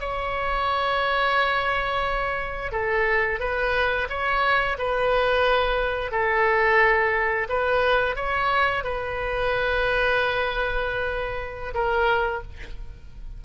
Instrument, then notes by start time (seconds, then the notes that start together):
oboe
0.00 C#5
2.72 A4
3.40 B4
4.10 C#5
4.78 B4
6.11 A4
7.49 B4
8.16 C#5
8.84 B4
11.74 A#4